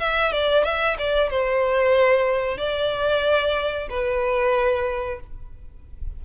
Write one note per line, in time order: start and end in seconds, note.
0.00 0.32 E5
0.32 0.65 D5
0.65 0.97 E5
0.99 1.30 D5
1.30 2.58 C5
2.58 3.88 D5
3.90 5.21 B4